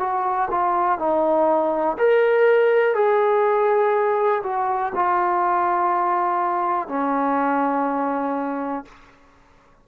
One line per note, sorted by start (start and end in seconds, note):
0.00 0.49 F#4
0.51 0.99 F4
0.99 1.98 D#4
1.99 2.95 A#4
2.95 4.43 G#4
4.44 4.93 F#4
4.95 6.89 F4
6.89 8.85 C#4